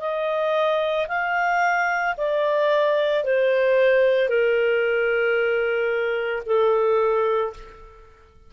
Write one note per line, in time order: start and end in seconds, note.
0.00 1.07 D#5
1.08 2.15 F5
2.17 3.24 D5
3.24 4.29 C5
4.29 6.43 A#4
6.46 7.53 A4